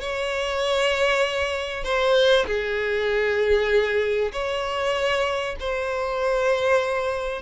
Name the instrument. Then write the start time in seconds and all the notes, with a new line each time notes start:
violin
0.00 C#5
1.84 C5
2.46 G#4
4.32 C#5
5.60 C5